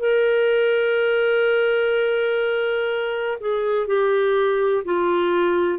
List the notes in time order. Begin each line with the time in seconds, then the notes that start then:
0.00 A#4
3.40 G#4
3.87 G4
4.85 F4